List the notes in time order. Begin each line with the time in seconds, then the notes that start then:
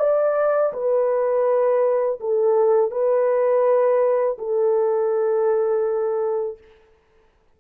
0.00 D5
0.74 B4
2.21 A4
2.91 B4
4.39 A4